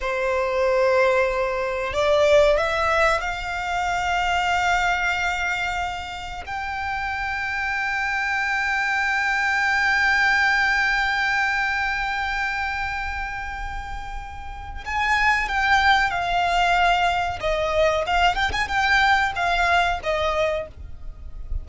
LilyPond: \new Staff \with { instrumentName = "violin" } { \time 4/4 \tempo 4 = 93 c''2. d''4 | e''4 f''2.~ | f''2 g''2~ | g''1~ |
g''1~ | g''2. gis''4 | g''4 f''2 dis''4 | f''8 g''16 gis''16 g''4 f''4 dis''4 | }